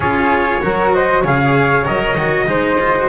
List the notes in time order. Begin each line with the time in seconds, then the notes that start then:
0.00 C#4 F4 G#4 C#5
0.61 F#3 F#4 A#4
0.94 C5 D#5
1.22 C#3 G#4 C#5 F5
1.85 F#3 A#4 D#5
2.16 D#3 F#4
2.46 G#3 D#4 C5
2.80 F4
2.96 F#4